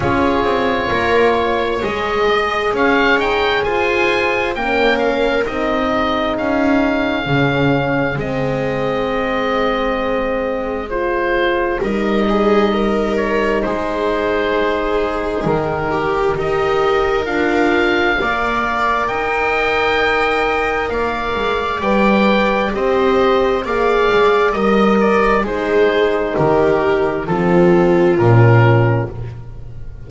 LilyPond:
<<
  \new Staff \with { instrumentName = "oboe" } { \time 4/4 \tempo 4 = 66 cis''2 dis''4 f''8 g''8 | gis''4 g''8 f''8 dis''4 f''4~ | f''4 dis''2. | c''4 dis''4. cis''8 c''4~ |
c''4 ais'4 dis''4 f''4~ | f''4 g''2 f''4 | g''4 dis''4 f''4 dis''8 d''8 | c''4 ais'4 a'4 ais'4 | }
  \new Staff \with { instrumentName = "viola" } { \time 4/4 gis'4 ais'8 cis''4 dis''8 cis''4 | c''4 ais'4. gis'4.~ | gis'1~ | gis'4 ais'8 gis'8 ais'4 gis'4~ |
gis'4. g'8 ais'2 | d''4 dis''2 d''4~ | d''4 c''4 d''4 dis''4 | gis'4 g'4 f'2 | }
  \new Staff \with { instrumentName = "horn" } { \time 4/4 f'2 gis'2~ | gis'4 cis'4 dis'2 | cis'4 c'2. | f'4 dis'2.~ |
dis'2 g'4 f'4 | ais'1 | b'4 g'4 gis'4 ais'4 | dis'2 c'4 cis'4 | }
  \new Staff \with { instrumentName = "double bass" } { \time 4/4 cis'8 c'8 ais4 gis4 cis'8 dis'8 | f'4 ais4 c'4 cis'4 | cis4 gis2.~ | gis4 g2 gis4~ |
gis4 dis4 dis'4 d'4 | ais4 dis'2 ais8 gis8 | g4 c'4 ais8 gis8 g4 | gis4 dis4 f4 ais,4 | }
>>